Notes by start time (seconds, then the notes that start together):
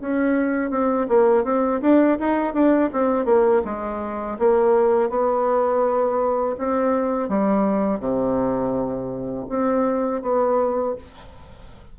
0.00 C#4
0.70 C4
1.08 A#3
1.44 C4
1.81 D4
2.19 D#4
2.53 D4
2.93 C4
3.25 A#3
3.65 G#3
4.39 A#3
5.09 B3
6.58 C4
7.28 G3
7.99 C3
9.49 C4
10.22 B3